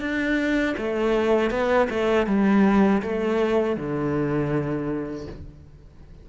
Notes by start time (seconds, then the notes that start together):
0.00 D4
0.77 A3
1.50 B3
1.90 A3
2.26 G3
3.02 A3
3.76 D3